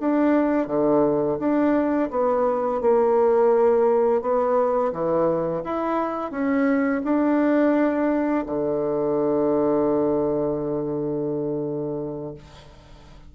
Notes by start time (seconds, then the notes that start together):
0.00 D4
0.67 D3
1.39 D4
2.11 B3
2.81 A#3
4.22 B3
4.93 E3
5.64 E4
6.31 C#4
7.04 D4
8.46 D3